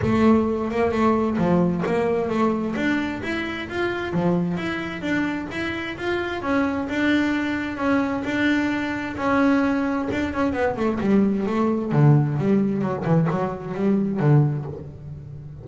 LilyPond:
\new Staff \with { instrumentName = "double bass" } { \time 4/4 \tempo 4 = 131 a4. ais8 a4 f4 | ais4 a4 d'4 e'4 | f'4 f4 e'4 d'4 | e'4 f'4 cis'4 d'4~ |
d'4 cis'4 d'2 | cis'2 d'8 cis'8 b8 a8 | g4 a4 d4 g4 | fis8 e8 fis4 g4 d4 | }